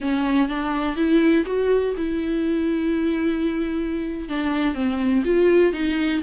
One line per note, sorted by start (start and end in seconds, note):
0.00 0.48 C#4
0.48 0.95 D4
0.95 1.44 E4
1.46 1.94 F#4
1.97 4.28 E4
4.28 4.74 D4
4.74 5.23 C4
5.25 5.73 F4
5.73 6.21 D#4